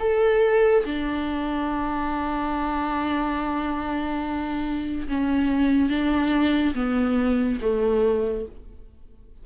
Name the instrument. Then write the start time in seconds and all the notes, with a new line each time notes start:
viola
0.00 A4
0.86 D4
5.08 C#4
5.90 D4
6.75 B3
7.62 A3